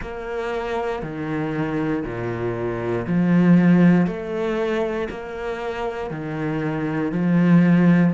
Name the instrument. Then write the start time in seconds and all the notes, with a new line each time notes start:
cello
0.01 A#3
1.02 D#3
2.04 A#2
3.07 F3
4.06 A3
5.09 A#3
6.10 D#3
7.11 F3